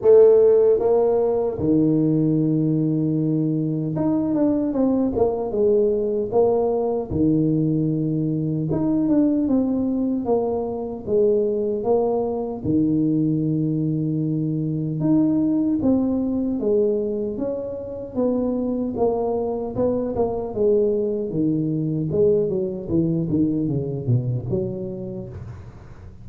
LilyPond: \new Staff \with { instrumentName = "tuba" } { \time 4/4 \tempo 4 = 76 a4 ais4 dis2~ | dis4 dis'8 d'8 c'8 ais8 gis4 | ais4 dis2 dis'8 d'8 | c'4 ais4 gis4 ais4 |
dis2. dis'4 | c'4 gis4 cis'4 b4 | ais4 b8 ais8 gis4 dis4 | gis8 fis8 e8 dis8 cis8 b,8 fis4 | }